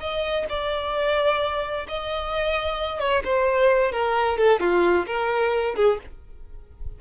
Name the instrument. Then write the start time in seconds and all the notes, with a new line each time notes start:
violin
0.00 D#5
0.49 D5
1.88 D#5
3.00 C#5
3.24 C5
3.92 A#4
4.38 A4
4.60 F4
5.06 A#4
5.75 G#4